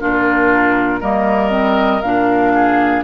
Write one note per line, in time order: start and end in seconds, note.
0.00 1.02 A#2
0.00 1.01 D4
0.00 1.00 F4
0.00 1.01 A#4
1.00 2.02 G3
1.00 1.50 A#3
1.00 2.52 A#4
1.00 2.01 D#5
1.50 2.00 C4
2.01 3.03 A#2
2.01 3.04 D4
2.01 3.03 F5
2.54 3.04 G#4